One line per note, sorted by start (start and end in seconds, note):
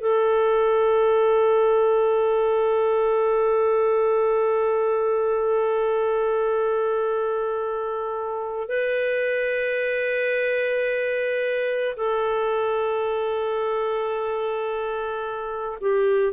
0.00 8.68 A4
8.68 11.96 B4
11.97 15.78 A4
15.81 16.33 G4